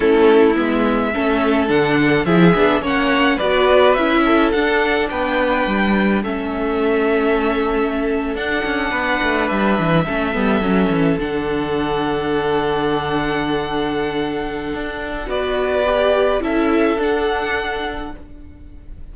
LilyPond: <<
  \new Staff \with { instrumentName = "violin" } { \time 4/4 \tempo 4 = 106 a'4 e''2 fis''4 | e''4 fis''4 d''4 e''4 | fis''4 g''2 e''4~ | e''2~ e''8. fis''4~ fis''16~ |
fis''8. e''2. fis''16~ | fis''1~ | fis''2. d''4~ | d''4 e''4 fis''2 | }
  \new Staff \with { instrumentName = "violin" } { \time 4/4 e'2 a'2 | gis'4 cis''4 b'4. a'8~ | a'4 b'2 a'4~ | a'2.~ a'8. b'16~ |
b'4.~ b'16 a'2~ a'16~ | a'1~ | a'2. b'4~ | b'4 a'2. | }
  \new Staff \with { instrumentName = "viola" } { \time 4/4 cis'4 b4 cis'4 d'4 | e'8 d'8 cis'4 fis'4 e'4 | d'2. cis'4~ | cis'2~ cis'8. d'4~ d'16~ |
d'4.~ d'16 cis'8 b8 cis'4 d'16~ | d'1~ | d'2. fis'4 | g'4 e'4 d'2 | }
  \new Staff \with { instrumentName = "cello" } { \time 4/4 a4 gis4 a4 d4 | f8 b8 ais4 b4 cis'4 | d'4 b4 g4 a4~ | a2~ a8. d'8 cis'8 b16~ |
b16 a8 g8 e8 a8 g8 fis8 e8 d16~ | d1~ | d2 d'4 b4~ | b4 cis'4 d'2 | }
>>